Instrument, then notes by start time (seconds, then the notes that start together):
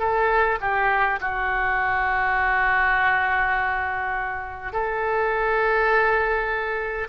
oboe
0.00 A4
0.61 G4
1.21 F#4
4.73 A4